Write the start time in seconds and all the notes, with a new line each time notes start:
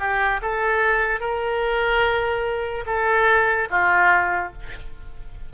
0.00 G4
0.42 A4
1.21 A#4
2.87 A4
3.71 F4